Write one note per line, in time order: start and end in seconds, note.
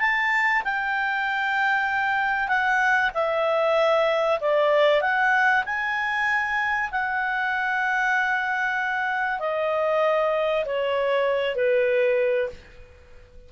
0.00 0.62 A5
0.64 2.48 G5
2.48 3.11 F#5
3.14 4.39 E5
4.41 5.01 D5
5.01 5.64 F#5
5.65 6.90 G#5
6.91 9.39 F#5
9.39 10.64 D#5
10.65 11.56 C#5
11.56 12.49 B4